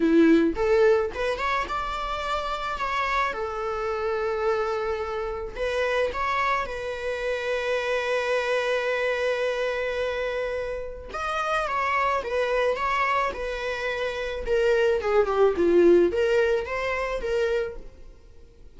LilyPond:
\new Staff \with { instrumentName = "viola" } { \time 4/4 \tempo 4 = 108 e'4 a'4 b'8 cis''8 d''4~ | d''4 cis''4 a'2~ | a'2 b'4 cis''4 | b'1~ |
b'1 | dis''4 cis''4 b'4 cis''4 | b'2 ais'4 gis'8 g'8 | f'4 ais'4 c''4 ais'4 | }